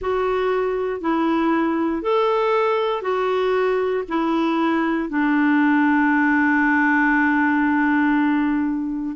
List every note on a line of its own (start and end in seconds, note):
0.01 1.00 F#4
1.00 2.02 E4
2.02 3.02 A4
3.02 4.04 F#4
4.08 5.08 E4
5.08 9.15 D4